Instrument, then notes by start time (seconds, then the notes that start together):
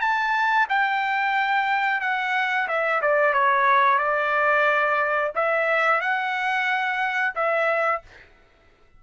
trumpet
0.00 A5
0.69 G5
2.01 F#5
2.68 E5
3.02 D5
3.33 C#5
3.98 D5
5.35 E5
6.01 F#5
7.35 E5